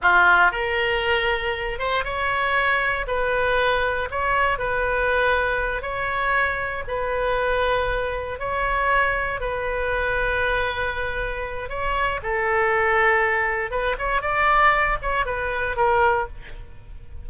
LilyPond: \new Staff \with { instrumentName = "oboe" } { \time 4/4 \tempo 4 = 118 f'4 ais'2~ ais'8 c''8 | cis''2 b'2 | cis''4 b'2~ b'8 cis''8~ | cis''4. b'2~ b'8~ |
b'8 cis''2 b'4.~ | b'2. cis''4 | a'2. b'8 cis''8 | d''4. cis''8 b'4 ais'4 | }